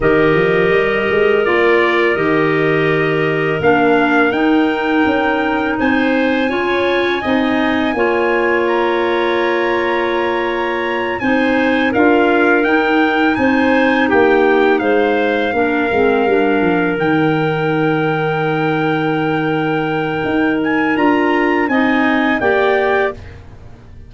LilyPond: <<
  \new Staff \with { instrumentName = "trumpet" } { \time 4/4 \tempo 4 = 83 dis''2 d''4 dis''4~ | dis''4 f''4 g''2 | gis''1 | ais''2.~ ais''8 gis''8~ |
gis''8 f''4 g''4 gis''4 g''8~ | g''8 f''2. g''8~ | g''1~ | g''8 gis''8 ais''4 gis''4 g''4 | }
  \new Staff \with { instrumentName = "clarinet" } { \time 4/4 ais'1~ | ais'1 | c''4 cis''4 dis''4 cis''4~ | cis''2.~ cis''8 c''8~ |
c''8 ais'2 c''4 g'8~ | g'8 c''4 ais'2~ ais'8~ | ais'1~ | ais'2 dis''4 d''4 | }
  \new Staff \with { instrumentName = "clarinet" } { \time 4/4 g'2 f'4 g'4~ | g'4 d'4 dis'2~ | dis'4 f'4 dis'4 f'4~ | f'2.~ f'8 dis'8~ |
dis'8 f'4 dis'2~ dis'8~ | dis'4. d'8 c'8 d'4 dis'8~ | dis'1~ | dis'4 f'4 dis'4 g'4 | }
  \new Staff \with { instrumentName = "tuba" } { \time 4/4 dis8 f8 g8 gis8 ais4 dis4~ | dis4 ais4 dis'4 cis'4 | c'4 cis'4 c'4 ais4~ | ais2.~ ais8 c'8~ |
c'8 d'4 dis'4 c'4 ais8~ | ais8 gis4 ais8 gis8 g8 f8 dis8~ | dis1 | dis'4 d'4 c'4 ais4 | }
>>